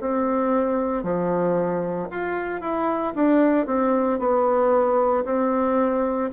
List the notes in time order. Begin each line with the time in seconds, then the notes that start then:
0.00 C4
1.03 F3
2.10 F4
2.61 E4
3.15 D4
3.66 C4
4.19 B3
5.24 C4